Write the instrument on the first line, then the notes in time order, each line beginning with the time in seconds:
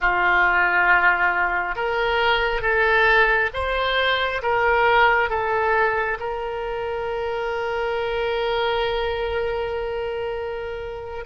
oboe
0.00 F4
1.75 A#4
2.61 A4
3.53 C5
4.42 A#4
5.29 A4
6.19 A#4